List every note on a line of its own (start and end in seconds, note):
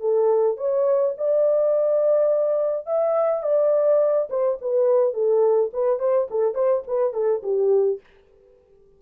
0.00 0.57 A4
0.57 1.15 C#5
1.18 2.86 D5
2.86 3.43 E5
3.43 4.28 D5
4.30 4.58 C5
4.61 5.14 B4
5.14 5.71 A4
5.73 5.99 B4
5.99 6.28 C5
6.31 6.55 A4
6.55 6.83 C5
6.88 7.14 B4
7.14 7.42 A4
7.43 8.00 G4